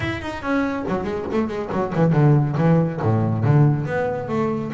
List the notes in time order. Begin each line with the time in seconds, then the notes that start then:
0.00 E4
0.21 D#4
0.42 C#4
0.88 F#3
1.03 G#3
1.32 A3
1.48 G#3
1.71 F#3
1.95 E3
2.13 D3
2.57 E3
3.02 A2
3.44 D3
3.85 B3
4.28 A3